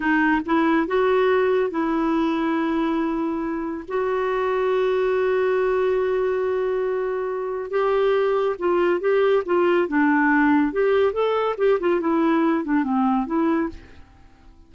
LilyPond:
\new Staff \with { instrumentName = "clarinet" } { \time 4/4 \tempo 4 = 140 dis'4 e'4 fis'2 | e'1~ | e'4 fis'2.~ | fis'1~ |
fis'2 g'2 | f'4 g'4 f'4 d'4~ | d'4 g'4 a'4 g'8 f'8 | e'4. d'8 c'4 e'4 | }